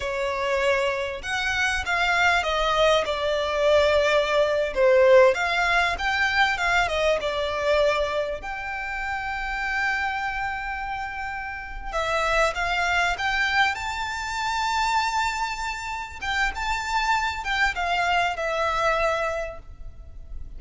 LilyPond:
\new Staff \with { instrumentName = "violin" } { \time 4/4 \tempo 4 = 98 cis''2 fis''4 f''4 | dis''4 d''2~ d''8. c''16~ | c''8. f''4 g''4 f''8 dis''8 d''16~ | d''4.~ d''16 g''2~ g''16~ |
g''2.~ g''8 e''8~ | e''8 f''4 g''4 a''4.~ | a''2~ a''8 g''8 a''4~ | a''8 g''8 f''4 e''2 | }